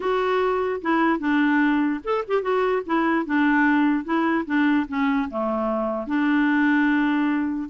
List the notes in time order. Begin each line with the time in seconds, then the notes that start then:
0.00 F#4
0.81 E4
1.19 D4
2.04 A4
2.27 G4
2.42 F#4
2.86 E4
3.25 D4
4.04 E4
4.45 D4
4.88 C#4
5.30 A3
6.07 D4